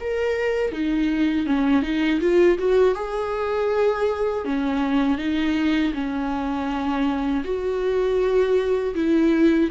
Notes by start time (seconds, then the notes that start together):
0.00 A#4
0.72 D#4
1.46 C#4
1.82 D#4
2.20 F4
2.58 F#4
2.94 G#4
4.44 C#4
5.17 D#4
5.94 C#4
7.44 F#4
8.95 E4